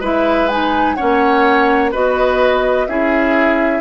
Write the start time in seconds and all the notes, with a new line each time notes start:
0.00 G#3 E4 B4 E5
0.48 D#4 G#5
0.95 C#4 C#5 F#5
1.01 A#3
1.91 B3 F#4 B4 D#5
2.87 C#4 E4 G#4 E5